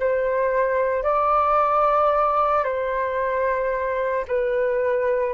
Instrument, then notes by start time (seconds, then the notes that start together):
flute
0.00 C5
1.04 D5
2.64 C5
4.28 B4